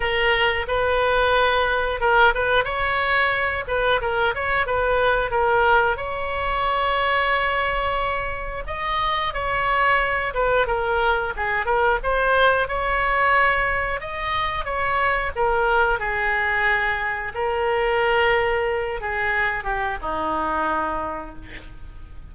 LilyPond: \new Staff \with { instrumentName = "oboe" } { \time 4/4 \tempo 4 = 90 ais'4 b'2 ais'8 b'8 | cis''4. b'8 ais'8 cis''8 b'4 | ais'4 cis''2.~ | cis''4 dis''4 cis''4. b'8 |
ais'4 gis'8 ais'8 c''4 cis''4~ | cis''4 dis''4 cis''4 ais'4 | gis'2 ais'2~ | ais'8 gis'4 g'8 dis'2 | }